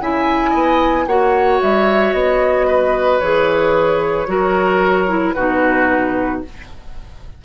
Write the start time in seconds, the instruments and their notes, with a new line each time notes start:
0.00 bassoon C#3, clarinet E4, oboe E5, flute G#5
0.50 bassoon B3, oboe D#5
1.06 bassoon A#3, clarinet F#4, oboe C#5, flute F#5
1.61 bassoon G3, flute E5
2.13 bassoon B3, flute D#5
2.67 oboe B4
3.19 bassoon E3, clarinet G#4, flute C#5
4.27 bassoon F#3, clarinet F#4, oboe A#4
5.08 clarinet E4
5.32 bassoon B2, clarinet D#4, oboe F#4, flute B4